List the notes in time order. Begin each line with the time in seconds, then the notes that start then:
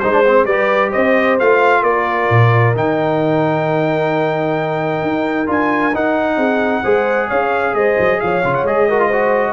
0.00 G#3 D#4 C5
0.13 D4
0.26 C4
0.45 G3 G4 B4 D5
0.90 C4 C5 D#5
1.40 A3 F4 F5
1.82 A#3 A#4 D5
2.30 A#2
2.75 D#3 D#4 G5
5.03 D#4
5.47 D4 F4 G#5
5.95 D#4 F#5
6.37 C4 G#4
6.83 G#3 G#4 C5
7.28 C#4 C#5 F5
7.74 G#3 C5 D#5
7.99 F#3
8.20 F3 C#5 F5
8.44 C#3 F4
8.55 F#5
8.64 G#3 G#4 D#5
8.89 F#4 A#4
9.01 F4
9.07 F#4 C5